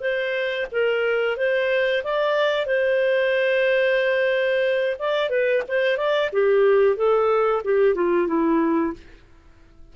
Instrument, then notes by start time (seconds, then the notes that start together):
clarinet
0.00 C5
0.72 A#4
1.36 C5
2.03 D5
2.66 C5
4.99 D5
5.29 B4
5.68 C5
5.97 D5
6.32 G4
6.96 A4
7.64 G4
7.95 F4
8.27 E4